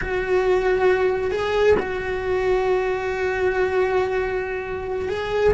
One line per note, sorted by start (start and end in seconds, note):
0.01 1.31 F#4
1.31 1.75 G#4
1.79 5.08 F#4
5.08 5.53 G#4